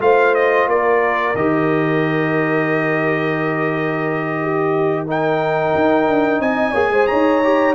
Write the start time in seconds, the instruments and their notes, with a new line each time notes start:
0.00 tuba A3, trombone F4, horn C5, trumpet F5
0.35 trumpet D#5
0.67 tuba A#3, horn A#4, trumpet D5
1.35 tuba D#3, trombone G4, trumpet D#5
4.42 horn G4
5.07 trombone D#4, horn A#4, trumpet G5
5.75 tuba D#4
6.08 tuba D4
6.39 tuba C4, horn D#5, trumpet G#5
6.71 tuba A#3, trombone G#4, horn C#5
6.90 tuba G#3, horn C5
7.07 tuba D#4, horn C#5, trumpet A#5
7.44 trombone G4